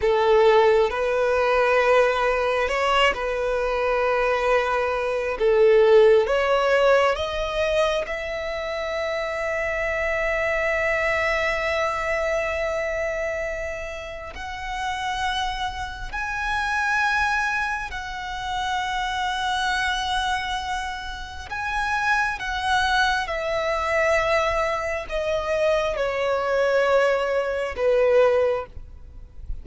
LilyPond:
\new Staff \with { instrumentName = "violin" } { \time 4/4 \tempo 4 = 67 a'4 b'2 cis''8 b'8~ | b'2 a'4 cis''4 | dis''4 e''2.~ | e''1 |
fis''2 gis''2 | fis''1 | gis''4 fis''4 e''2 | dis''4 cis''2 b'4 | }